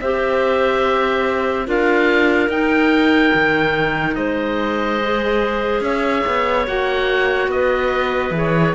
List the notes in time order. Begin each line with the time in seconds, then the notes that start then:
0.00 C4 G4 C5 E5
1.66 D4 F4 A#4 F5
2.48 D#4 G5
3.34 D#3
4.15 G#3 C5 D#5
5.02 G#4
5.80 C#4 C#5 E5
6.26 B3
6.66 A#3 F#4 F#5
7.47 B3 B4 D#5
8.30 E3 G#4
8.37 C#5